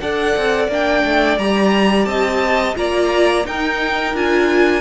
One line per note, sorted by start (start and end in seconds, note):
0.00 0.36 D4
0.00 0.70 A4
0.00 2.09 D5
0.00 0.69 F#5
0.37 0.68 C4
0.68 1.02 A#3
0.68 1.39 D4
0.68 1.38 G5
1.05 1.38 A3
1.38 2.06 G3
1.38 2.75 G4
1.38 2.05 A#5
2.05 2.75 C4
2.05 2.78 D#5
2.05 2.74 A5
2.75 3.45 A#3
2.75 3.44 F4
2.75 3.47 D5
2.75 3.46 A#5
3.45 4.14 D#4
3.45 4.15 D#4
3.45 4.81 A#4
3.45 4.16 G5
4.14 4.81 D4
4.14 4.81 F4
4.14 4.81 G#5